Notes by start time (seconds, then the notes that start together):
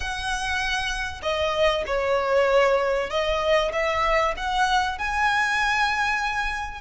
0.00 F#5
1.22 D#5
1.86 C#5
3.09 D#5
3.72 E5
4.36 F#5
4.98 G#5